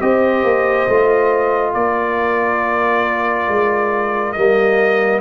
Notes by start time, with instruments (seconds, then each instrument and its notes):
0.00 tuba C4, trombone G4, horn C5, trumpet D#5
0.44 tuba A#3
0.89 tuba A3, trombone F4
1.74 tuba A#3, horn A#4, trumpet D5
3.48 tuba G#3
4.33 tuba G3, trombone A#3, trumpet D#5